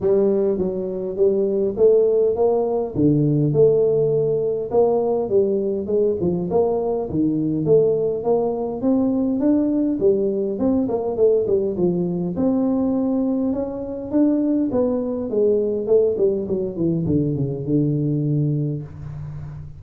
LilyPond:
\new Staff \with { instrumentName = "tuba" } { \time 4/4 \tempo 4 = 102 g4 fis4 g4 a4 | ais4 d4 a2 | ais4 g4 gis8 f8 ais4 | dis4 a4 ais4 c'4 |
d'4 g4 c'8 ais8 a8 g8 | f4 c'2 cis'4 | d'4 b4 gis4 a8 g8 | fis8 e8 d8 cis8 d2 | }